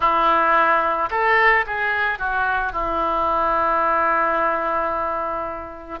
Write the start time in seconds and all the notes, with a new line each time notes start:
0.00 E4
1.10 A4
1.66 G#4
2.18 F#4
2.72 E4